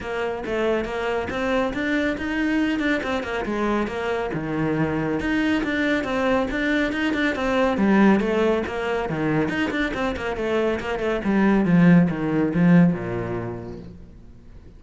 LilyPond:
\new Staff \with { instrumentName = "cello" } { \time 4/4 \tempo 4 = 139 ais4 a4 ais4 c'4 | d'4 dis'4. d'8 c'8 ais8 | gis4 ais4 dis2 | dis'4 d'4 c'4 d'4 |
dis'8 d'8 c'4 g4 a4 | ais4 dis4 dis'8 d'8 c'8 ais8 | a4 ais8 a8 g4 f4 | dis4 f4 ais,2 | }